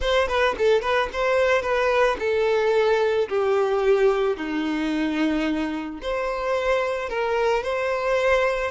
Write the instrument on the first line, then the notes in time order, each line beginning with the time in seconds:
violin
0.00 C5
0.28 B4
0.58 A4
0.81 B4
1.12 C5
1.62 B4
2.19 A4
3.29 G4
4.37 D#4
6.01 C5
7.09 A#4
7.63 C5